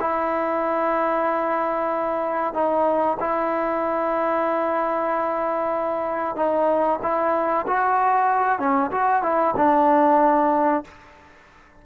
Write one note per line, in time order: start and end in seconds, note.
0.00 2.54 E4
2.54 3.17 D#4
3.20 6.35 E4
6.35 6.99 D#4
7.02 7.66 E4
7.67 8.59 F#4
8.59 8.90 C#4
8.91 9.23 F#4
9.23 9.55 E4
9.56 10.84 D4